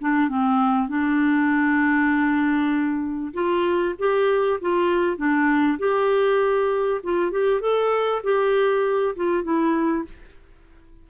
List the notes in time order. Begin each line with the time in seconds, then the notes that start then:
0.00 D4
0.28 C4
0.88 D4
3.33 F4
3.98 G4
4.61 F4
5.17 D4
5.78 G4
7.03 F4
7.31 G4
7.60 A4
8.23 G4
9.16 F4
9.43 E4